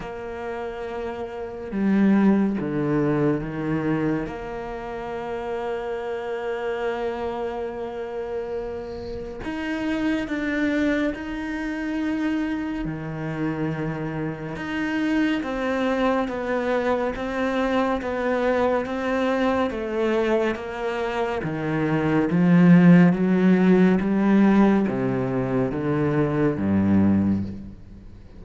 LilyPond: \new Staff \with { instrumentName = "cello" } { \time 4/4 \tempo 4 = 70 ais2 g4 d4 | dis4 ais2.~ | ais2. dis'4 | d'4 dis'2 dis4~ |
dis4 dis'4 c'4 b4 | c'4 b4 c'4 a4 | ais4 dis4 f4 fis4 | g4 c4 d4 g,4 | }